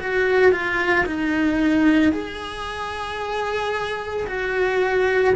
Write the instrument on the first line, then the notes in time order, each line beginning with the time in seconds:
cello
0.00 F#4
0.52 F4
1.06 D#4
2.12 G#4
4.27 F#4